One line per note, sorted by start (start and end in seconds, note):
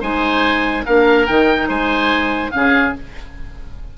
0.00 0.85 G#3
0.00 0.84 D#4
0.00 0.83 C5
0.00 0.85 G#5
0.85 1.28 A#3
0.85 1.27 D4
0.85 1.68 A#4
0.85 1.26 F5
1.26 1.68 D#3
1.26 2.51 D#4
1.26 1.68 G5
1.68 2.52 G#3
1.68 2.51 C5
1.68 2.51 G#5
2.51 2.96 C#3
2.51 2.93 C#4
2.51 2.97 G#4
2.51 2.92 F5